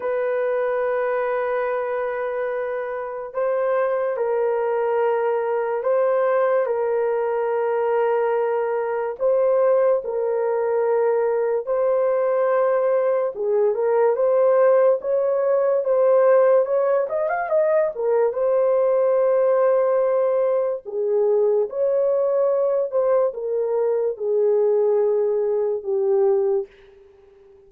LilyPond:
\new Staff \with { instrumentName = "horn" } { \time 4/4 \tempo 4 = 72 b'1 | c''4 ais'2 c''4 | ais'2. c''4 | ais'2 c''2 |
gis'8 ais'8 c''4 cis''4 c''4 | cis''8 dis''16 f''16 dis''8 ais'8 c''2~ | c''4 gis'4 cis''4. c''8 | ais'4 gis'2 g'4 | }